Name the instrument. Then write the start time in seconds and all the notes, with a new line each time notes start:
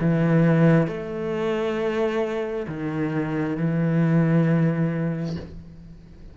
cello
0.00 E3
0.87 A3
2.67 D#3
3.57 E3